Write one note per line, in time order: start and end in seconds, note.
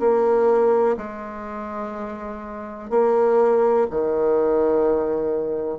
0.00 0.97 A#3
0.98 2.90 G#3
2.90 3.87 A#3
3.91 5.79 D#3